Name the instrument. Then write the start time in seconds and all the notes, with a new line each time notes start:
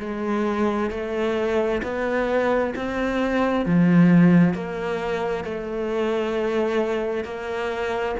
cello
0.00 G#3
0.91 A3
1.83 B3
2.76 C4
3.66 F3
4.55 A#3
5.45 A3
7.25 A#3